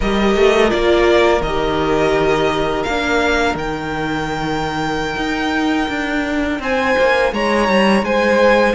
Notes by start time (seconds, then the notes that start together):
0.00 G3 G4 A#4 D#5
0.36 A3
0.68 A#3 F4 D5
1.41 D#3 G4 D#5
2.83 A#3 D4 F5
3.54 D#3 D#4 G5
5.16 D#4
5.88 D4
6.59 C4 C5 G#5
6.98 A#3
7.32 G#3 C#5 A#5
7.68 G3
8.02 G#3 C5 G#5